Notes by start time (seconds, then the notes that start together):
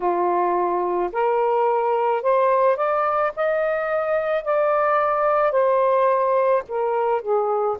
0.00 F4
1.12 A#4
2.22 C5
2.76 D5
3.36 D#5
4.44 D5
5.51 C5
6.68 A#4
7.21 G#4